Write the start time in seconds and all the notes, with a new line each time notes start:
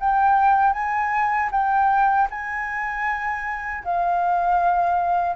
0.00 G5
0.73 G#5
1.51 G5
2.30 G#5
3.84 F5